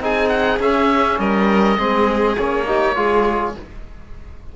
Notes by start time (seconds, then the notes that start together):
0.00 C4 D#4 G#4 G#5
0.29 F#5
0.60 C#4 E5
1.19 G3 A#4 D#5
1.78 G#3 C4 G#4
2.38 A#3 C#4 C#5
2.67 D#4 G4
2.96 G#3 F4 G#4